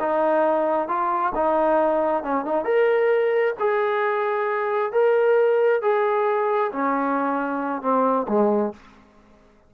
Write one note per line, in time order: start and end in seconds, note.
0.00 0.88 D#4
0.88 1.33 F4
1.35 2.24 D#4
2.24 2.45 C#4
2.45 2.65 D#4
2.65 3.54 A#4
3.60 4.93 G#4
4.93 5.82 A#4
5.82 6.72 G#4
6.72 7.82 C#4
7.82 8.27 C4
8.28 8.73 G#3